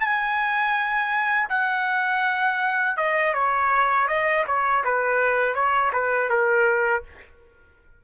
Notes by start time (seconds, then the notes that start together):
0.00 G#5
1.49 F#5
2.97 D#5
3.34 C#5
4.08 D#5
4.47 C#5
4.84 B4
5.55 C#5
5.93 B4
6.29 A#4